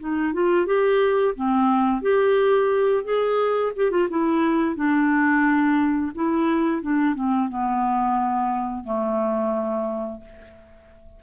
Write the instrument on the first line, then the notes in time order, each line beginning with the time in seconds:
clarinet
0.00 D#4
0.34 F4
0.67 G4
1.36 C4
2.02 G4
3.05 G#4
3.77 G4
3.91 F4
4.10 E4
4.76 D4
6.15 E4
6.82 D4
7.16 C4
7.49 B3
8.85 A3